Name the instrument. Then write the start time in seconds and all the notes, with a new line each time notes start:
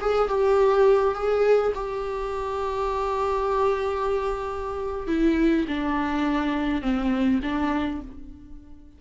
viola
0.00 G#4
0.28 G4
1.14 G#4
1.74 G4
5.07 E4
5.67 D4
6.81 C4
7.42 D4